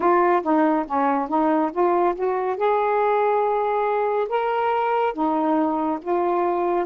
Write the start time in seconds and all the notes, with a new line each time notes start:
0.00 F4
0.42 D#4
0.86 C#4
1.28 D#4
1.71 F4
2.15 F#4
2.56 G#4
4.28 A#4
5.13 D#4
6.01 F4